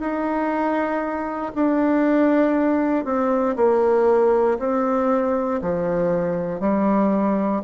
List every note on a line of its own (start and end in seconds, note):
0.00 1.53 D#4
1.55 3.05 D4
3.05 3.55 C4
3.56 4.58 A#3
4.59 5.61 C4
5.62 6.60 F3
6.60 7.62 G3